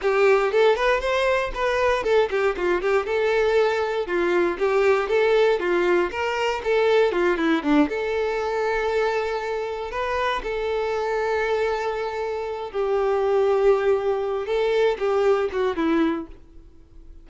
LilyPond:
\new Staff \with { instrumentName = "violin" } { \time 4/4 \tempo 4 = 118 g'4 a'8 b'8 c''4 b'4 | a'8 g'8 f'8 g'8 a'2 | f'4 g'4 a'4 f'4 | ais'4 a'4 f'8 e'8 d'8 a'8~ |
a'2.~ a'8 b'8~ | b'8 a'2.~ a'8~ | a'4 g'2.~ | g'8 a'4 g'4 fis'8 e'4 | }